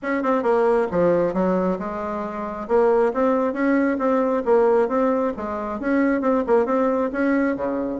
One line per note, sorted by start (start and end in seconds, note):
0.02 0.23 C#4
0.23 0.42 C4
0.42 0.87 A#3
0.91 1.33 F3
1.33 1.78 F#3
1.78 2.67 G#3
2.67 3.12 A#3
3.13 3.53 C4
3.53 3.97 C#4
3.98 4.42 C4
4.45 4.88 A#3
4.88 5.33 C4
5.36 5.80 G#3
5.80 6.21 C#4
6.21 6.43 C4
6.46 6.65 A#3
6.65 7.10 C4
7.12 7.56 C#4
7.56 8.00 C#3